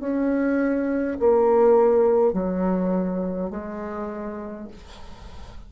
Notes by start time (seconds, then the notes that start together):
0.00 C#4
1.20 A#3
2.34 F#3
3.50 G#3